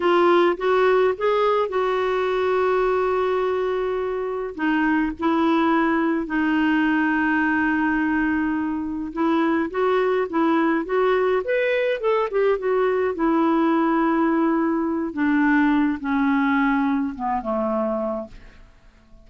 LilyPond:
\new Staff \with { instrumentName = "clarinet" } { \time 4/4 \tempo 4 = 105 f'4 fis'4 gis'4 fis'4~ | fis'1 | dis'4 e'2 dis'4~ | dis'1 |
e'4 fis'4 e'4 fis'4 | b'4 a'8 g'8 fis'4 e'4~ | e'2~ e'8 d'4. | cis'2 b8 a4. | }